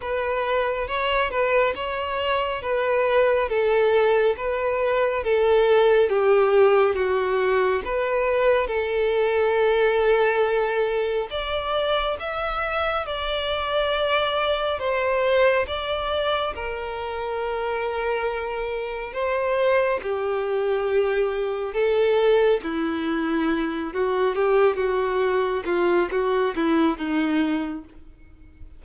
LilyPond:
\new Staff \with { instrumentName = "violin" } { \time 4/4 \tempo 4 = 69 b'4 cis''8 b'8 cis''4 b'4 | a'4 b'4 a'4 g'4 | fis'4 b'4 a'2~ | a'4 d''4 e''4 d''4~ |
d''4 c''4 d''4 ais'4~ | ais'2 c''4 g'4~ | g'4 a'4 e'4. fis'8 | g'8 fis'4 f'8 fis'8 e'8 dis'4 | }